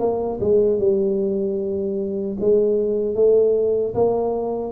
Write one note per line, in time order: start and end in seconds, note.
0.00 0.39 A#3
0.41 0.79 G#3
0.79 2.37 G3
2.40 3.15 G#3
3.15 3.94 A3
3.95 4.72 A#3